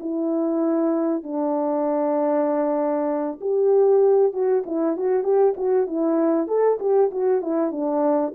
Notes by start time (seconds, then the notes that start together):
0.00 E4
1.23 D4
3.41 G4
4.33 F#4
4.66 E4
4.97 F#4
5.24 G4
5.57 F#4
5.87 E4
6.48 A4
6.80 G4
7.11 F#4
7.41 E4
7.71 D4